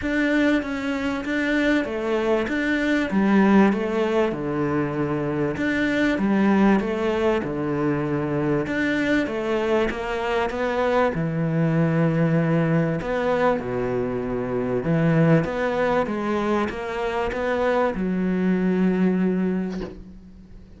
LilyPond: \new Staff \with { instrumentName = "cello" } { \time 4/4 \tempo 4 = 97 d'4 cis'4 d'4 a4 | d'4 g4 a4 d4~ | d4 d'4 g4 a4 | d2 d'4 a4 |
ais4 b4 e2~ | e4 b4 b,2 | e4 b4 gis4 ais4 | b4 fis2. | }